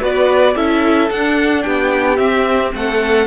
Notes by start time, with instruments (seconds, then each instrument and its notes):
0.00 cello B3, viola F#4, violin B4 D5
0.56 cello C#4, viola E4, violin A4 E5
1.10 viola D4, cello D4, violin F#5
1.63 cello B3, violin G4 G5
2.17 viola C4, cello C4, violin E5
2.75 cello A3, violin A4 F#5